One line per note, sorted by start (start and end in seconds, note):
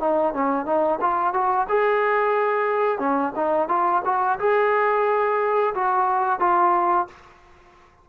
0.00 0.34 D#4
0.34 0.66 C#4
0.66 0.99 D#4
1.01 1.34 F4
1.34 1.67 F#4
1.69 2.99 G#4
2.99 3.33 C#4
3.36 3.69 D#4
3.69 4.02 F4
4.05 4.39 F#4
4.39 5.74 G#4
5.75 6.40 F#4
6.40 7.07 F4